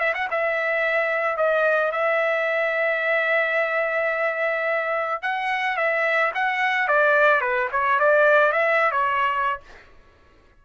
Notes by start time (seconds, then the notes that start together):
0.00 E5
0.15 F#5
0.31 E5
1.37 D#5
1.92 E5
5.23 F#5
5.77 E5
6.35 F#5
6.88 D5
7.42 B4
7.72 C#5
8.00 D5
8.53 E5
8.92 C#5